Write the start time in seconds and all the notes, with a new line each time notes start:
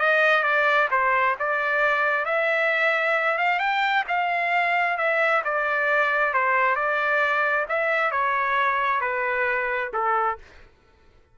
0.00 D#5
0.44 D5
0.91 C5
1.40 D5
2.25 E5
3.38 F5
3.59 G5
4.08 F5
4.98 E5
5.45 D5
6.34 C5
6.76 D5
7.69 E5
8.12 C#5
9.01 B4
9.94 A4